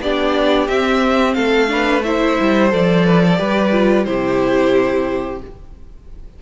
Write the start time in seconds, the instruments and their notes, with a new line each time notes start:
0.00 cello B3, viola D4, violin G4 D5
0.68 cello C4, viola C4, violin E5
1.33 cello A3, violin A4 F5
1.67 viola D4, violin B4
2.03 viola E4, violin C5 E5
2.40 cello G3
2.69 cello F3, viola A4, violin D5
3.05 violin B4
3.23 violin A4
3.36 cello G3, viola G4, violin B4
3.72 viola F4
4.04 cello C3, viola E4, violin G4 C5